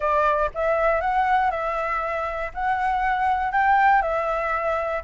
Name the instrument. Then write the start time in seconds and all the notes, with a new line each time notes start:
flute
0.00 D5
0.54 E5
1.00 F#5
1.50 E5
2.53 F#5
3.52 G5
4.02 E5